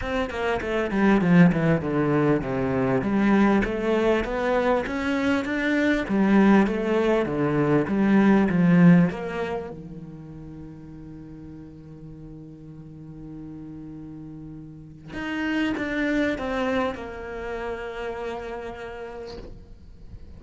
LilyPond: \new Staff \with { instrumentName = "cello" } { \time 4/4 \tempo 4 = 99 c'8 ais8 a8 g8 f8 e8 d4 | c4 g4 a4 b4 | cis'4 d'4 g4 a4 | d4 g4 f4 ais4 |
dis1~ | dis1~ | dis4 dis'4 d'4 c'4 | ais1 | }